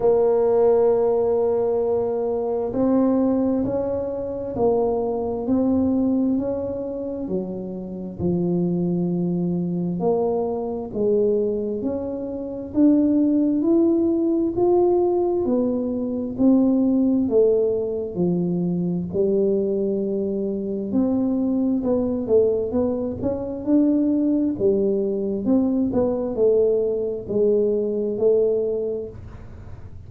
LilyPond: \new Staff \with { instrumentName = "tuba" } { \time 4/4 \tempo 4 = 66 ais2. c'4 | cis'4 ais4 c'4 cis'4 | fis4 f2 ais4 | gis4 cis'4 d'4 e'4 |
f'4 b4 c'4 a4 | f4 g2 c'4 | b8 a8 b8 cis'8 d'4 g4 | c'8 b8 a4 gis4 a4 | }